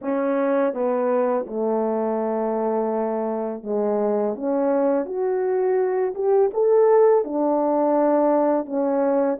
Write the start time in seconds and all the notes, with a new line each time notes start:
0.01 C#4
0.73 B3
1.46 A3
3.63 G#3
4.35 C#4
5.05 F#4
6.14 G4
6.53 A4
7.24 D4
8.65 C#4